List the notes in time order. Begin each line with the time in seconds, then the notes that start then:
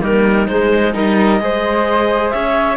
0.00 G3 A#3 D#4 A#4
0.47 G#3 C5
0.93 G3 D#4 A#4 D#5
1.39 G#3 G#4 C5
2.30 C#4 C#5 E5